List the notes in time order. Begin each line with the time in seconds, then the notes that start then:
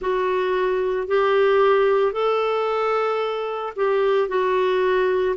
0.00 F#4
1.07 G4
2.12 A4
3.75 G4
4.28 F#4